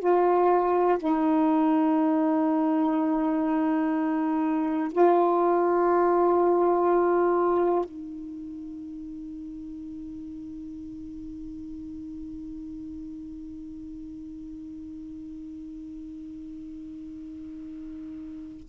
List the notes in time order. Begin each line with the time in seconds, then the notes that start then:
0.00 F4
0.99 D#4
4.92 F4
7.85 D#4